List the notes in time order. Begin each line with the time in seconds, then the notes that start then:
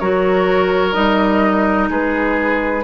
0.00 F#3 F#4 A#4 C#5
0.92 G3 D#4 D#5
1.90 G#3 G#4 B4